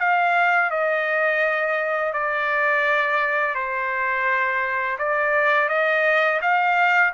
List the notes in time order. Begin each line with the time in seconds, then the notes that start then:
0.00 F5
0.70 D#5
2.13 D5
3.55 C5
4.99 D5
5.69 D#5
6.42 F5